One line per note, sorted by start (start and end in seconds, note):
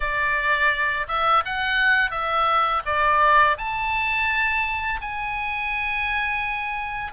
0.00 1.06 D5
1.07 1.43 E5
1.45 2.10 F#5
2.10 2.82 E5
2.85 3.57 D5
3.57 5.00 A5
5.01 7.12 G#5